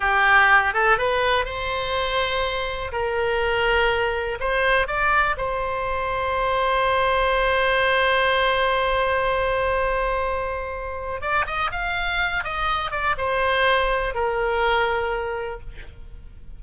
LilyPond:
\new Staff \with { instrumentName = "oboe" } { \time 4/4 \tempo 4 = 123 g'4. a'8 b'4 c''4~ | c''2 ais'2~ | ais'4 c''4 d''4 c''4~ | c''1~ |
c''1~ | c''2. d''8 dis''8 | f''4. dis''4 d''8 c''4~ | c''4 ais'2. | }